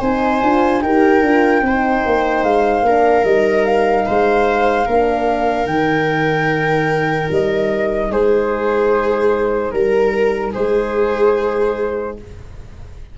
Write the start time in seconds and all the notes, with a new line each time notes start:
0.00 C4 D#4 C5 G#5
0.42 D4 F4
0.82 D#4 G4 A#4 G5
1.22 D4 F4
1.62 C4 D#4 C5
2.06 A#3
2.43 G#3 F5
2.82 A#3 D4 A#4
3.24 G3 D#4 D#5
3.65 F5
4.06 G#3 C5
4.86 A#3 D4 A#4
5.66 D#3 D#4 G5
7.31 G3 D#5
8.10 G#3 G#4 C5
9.71 G3 A#4
10.52 G#3 G#4 C5